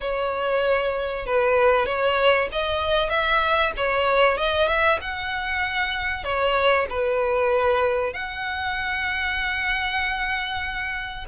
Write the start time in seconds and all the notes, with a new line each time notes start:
0.01 C#5
1.26 B4
1.86 C#5
2.52 D#5
3.09 E5
3.77 C#5
4.38 D#5
4.67 E5
5.01 F#5
6.23 C#5
6.89 B4
8.12 F#5